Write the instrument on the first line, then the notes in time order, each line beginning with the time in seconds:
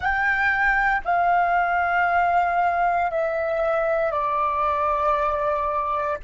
flute
0.00 G5
1.04 F5
3.10 E5
4.11 D5